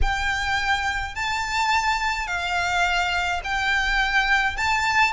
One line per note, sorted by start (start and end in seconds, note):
0.01 1.15 G5
1.15 2.27 A5
2.27 3.41 F5
3.43 4.56 G5
4.56 5.12 A5